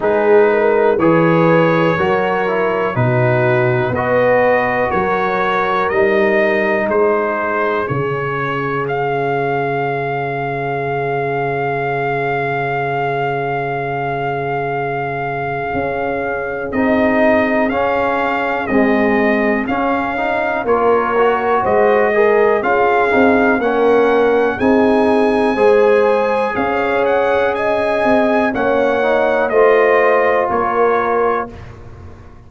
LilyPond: <<
  \new Staff \with { instrumentName = "trumpet" } { \time 4/4 \tempo 4 = 61 b'4 cis''2 b'4 | dis''4 cis''4 dis''4 c''4 | cis''4 f''2.~ | f''1~ |
f''4 dis''4 f''4 dis''4 | f''4 cis''4 dis''4 f''4 | fis''4 gis''2 f''8 fis''8 | gis''4 fis''4 dis''4 cis''4 | }
  \new Staff \with { instrumentName = "horn" } { \time 4/4 gis'8 ais'8 b'4 ais'4 fis'4 | b'4 ais'2 gis'4~ | gis'1~ | gis'1~ |
gis'1~ | gis'4 ais'4 c''8 ais'8 gis'4 | ais'4 gis'4 c''4 cis''4 | dis''4 cis''4 c''4 ais'4 | }
  \new Staff \with { instrumentName = "trombone" } { \time 4/4 dis'4 gis'4 fis'8 e'8 dis'4 | fis'2 dis'2 | cis'1~ | cis'1~ |
cis'4 dis'4 cis'4 gis4 | cis'8 dis'8 f'8 fis'4 gis'8 f'8 dis'8 | cis'4 dis'4 gis'2~ | gis'4 cis'8 dis'8 f'2 | }
  \new Staff \with { instrumentName = "tuba" } { \time 4/4 gis4 e4 fis4 b,4 | b4 fis4 g4 gis4 | cis1~ | cis1 |
cis'4 c'4 cis'4 c'4 | cis'4 ais4 gis4 cis'8 c'8 | ais4 c'4 gis4 cis'4~ | cis'8 c'8 ais4 a4 ais4 | }
>>